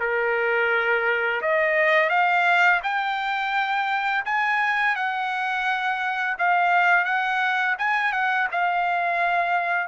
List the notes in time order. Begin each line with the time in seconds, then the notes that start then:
0.00 A#4
1.41 D#5
2.10 F5
2.83 G5
4.25 G#5
4.95 F#5
6.38 F5
7.05 F#5
7.78 G#5
8.12 F#5
8.52 F5